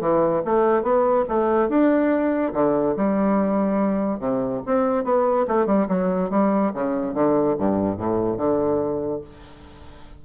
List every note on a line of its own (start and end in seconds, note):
0.00 0.42 E3
0.45 0.82 A3
0.82 1.24 B3
1.28 1.69 A3
1.69 2.53 D4
2.53 2.95 D3
2.96 4.19 G3
4.19 4.61 C3
4.66 5.04 C4
5.04 5.46 B3
5.48 5.66 A3
5.66 5.87 G3
5.88 6.30 F#3
6.30 6.72 G3
6.74 7.14 C#3
7.14 7.56 D3
7.58 7.97 G2
7.97 8.37 A2
8.37 9.21 D3